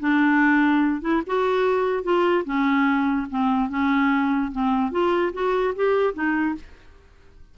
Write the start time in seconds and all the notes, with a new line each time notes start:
0.00 D4
1.02 E4
1.27 F#4
2.03 F4
2.45 C#4
3.30 C4
3.69 C#4
4.52 C4
4.91 F4
5.33 F#4
5.76 G4
6.14 D#4